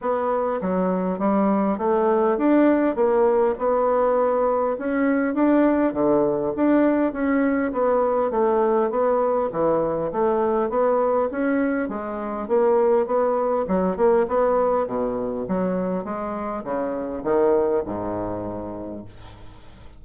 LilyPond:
\new Staff \with { instrumentName = "bassoon" } { \time 4/4 \tempo 4 = 101 b4 fis4 g4 a4 | d'4 ais4 b2 | cis'4 d'4 d4 d'4 | cis'4 b4 a4 b4 |
e4 a4 b4 cis'4 | gis4 ais4 b4 fis8 ais8 | b4 b,4 fis4 gis4 | cis4 dis4 gis,2 | }